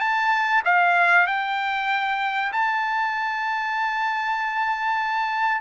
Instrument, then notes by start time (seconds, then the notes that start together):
trumpet
0.00 A5
0.65 F5
1.27 G5
2.53 A5